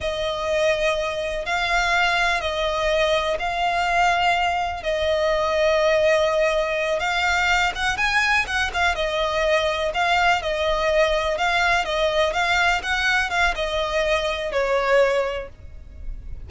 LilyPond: \new Staff \with { instrumentName = "violin" } { \time 4/4 \tempo 4 = 124 dis''2. f''4~ | f''4 dis''2 f''4~ | f''2 dis''2~ | dis''2~ dis''8 f''4. |
fis''8 gis''4 fis''8 f''8 dis''4.~ | dis''8 f''4 dis''2 f''8~ | f''8 dis''4 f''4 fis''4 f''8 | dis''2 cis''2 | }